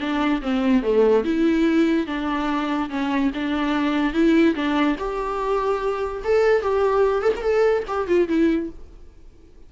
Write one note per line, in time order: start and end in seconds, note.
0.00 0.41 D4
0.42 0.82 C4
0.82 1.24 A3
1.24 2.07 E4
2.07 2.89 D4
2.90 3.31 C#4
3.34 4.13 D4
4.13 4.55 E4
4.55 4.96 D4
4.98 6.23 G4
6.24 6.62 A4
6.62 7.22 G4
7.22 7.33 A4
7.36 7.42 A#4
7.42 7.84 A4
7.87 8.07 G4
8.07 8.28 F4
8.28 8.70 E4